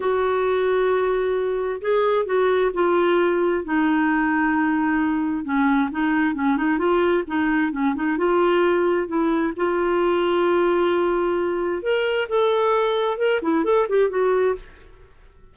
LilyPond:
\new Staff \with { instrumentName = "clarinet" } { \time 4/4 \tempo 4 = 132 fis'1 | gis'4 fis'4 f'2 | dis'1 | cis'4 dis'4 cis'8 dis'8 f'4 |
dis'4 cis'8 dis'8 f'2 | e'4 f'2.~ | f'2 ais'4 a'4~ | a'4 ais'8 e'8 a'8 g'8 fis'4 | }